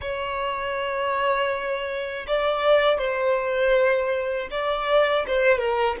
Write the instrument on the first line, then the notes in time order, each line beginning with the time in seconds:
violin
0.01 C#5
2.27 D5
2.98 C5
4.50 D5
5.27 C5
5.58 A#4